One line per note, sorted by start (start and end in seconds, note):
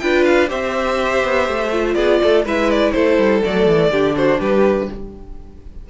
0.00 0.51 D4
0.00 0.48 F4
0.00 0.49 B4
0.00 0.24 G5
0.25 0.49 F5
0.48 1.24 C4
0.48 1.70 G4
0.48 1.96 C5
0.48 1.95 E5
1.24 1.48 B3
1.48 1.96 A3
1.72 2.46 F4
1.95 2.20 B3
1.95 2.21 G#4
1.95 2.43 D5
2.23 2.45 A3
2.23 2.46 A4
2.45 2.94 G#3
2.45 3.43 E4
2.45 2.95 B4
2.45 2.71 E5
2.71 2.93 D5
2.93 3.18 A3
2.93 3.92 A4
2.93 3.41 C5
3.18 3.42 G3
3.43 3.67 F#3
3.43 3.92 A3
3.43 4.17 D5
3.67 3.91 E3
3.91 4.39 D3
3.91 4.89 D4
3.91 4.16 G4
4.17 4.40 F#4
4.17 4.41 C5
4.40 4.89 G3
4.40 4.89 G4
4.40 4.90 B4